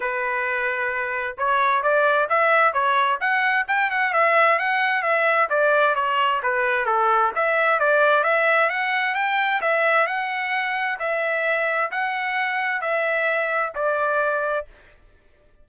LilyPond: \new Staff \with { instrumentName = "trumpet" } { \time 4/4 \tempo 4 = 131 b'2. cis''4 | d''4 e''4 cis''4 fis''4 | g''8 fis''8 e''4 fis''4 e''4 | d''4 cis''4 b'4 a'4 |
e''4 d''4 e''4 fis''4 | g''4 e''4 fis''2 | e''2 fis''2 | e''2 d''2 | }